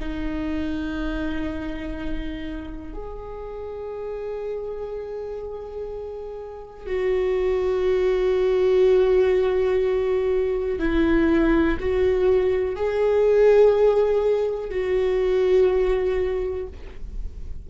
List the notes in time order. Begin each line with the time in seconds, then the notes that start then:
0.00 D#4
2.94 G#4
6.87 F#4
10.80 E4
11.80 F#4
12.76 G#4
14.71 F#4